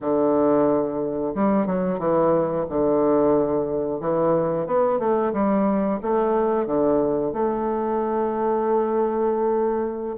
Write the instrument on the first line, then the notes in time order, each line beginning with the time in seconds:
bassoon
0.01 D3
1.35 G3
1.66 F#3
1.98 E3
2.69 D3
4.00 E3
4.66 B3
4.98 A3
5.32 G3
6.02 A3
6.66 D3
7.32 A3